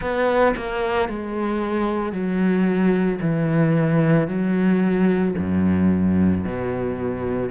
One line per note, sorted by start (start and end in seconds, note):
0.00 0.54 B3
0.56 1.08 A#3
1.08 2.12 G#3
2.12 3.19 F#3
3.20 4.27 E3
4.27 5.34 F#3
5.38 6.44 F#2
6.44 7.50 B2